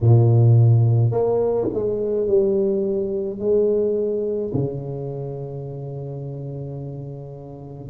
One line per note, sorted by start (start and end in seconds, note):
0.00 1.11 A#2
1.11 1.67 A#3
1.73 2.26 G#3
2.26 3.38 G3
3.38 4.51 G#3
4.53 7.90 C#3